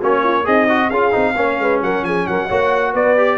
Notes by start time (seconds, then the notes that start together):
0.00 A#3 C#4 F#4 C#5
0.24 F4
0.44 C4 D#4 G#4 D#5
0.69 F#4
0.89 C#4 F4 G#4 F5
1.11 C4 D#4
1.36 A#3 C#4 C#5
1.58 G#3 B4
1.81 F#3 A#4 F#5
2.03 F3 G#4 G#5
2.27 F#3 A#4 F#5
2.47 A#3 F#4 C#5
2.93 B3 B4 D5
3.17 G4